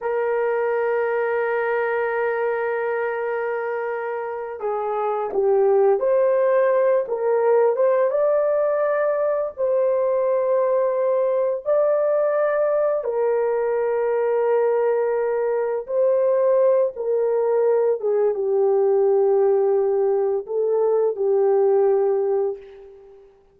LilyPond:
\new Staff \with { instrumentName = "horn" } { \time 4/4 \tempo 4 = 85 ais'1~ | ais'2~ ais'8 gis'4 g'8~ | g'8 c''4. ais'4 c''8 d''8~ | d''4. c''2~ c''8~ |
c''8 d''2 ais'4.~ | ais'2~ ais'8 c''4. | ais'4. gis'8 g'2~ | g'4 a'4 g'2 | }